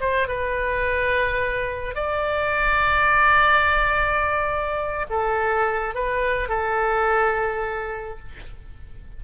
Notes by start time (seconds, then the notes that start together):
0.00 C5
0.28 B4
1.95 D5
5.09 A4
5.94 B4
6.48 A4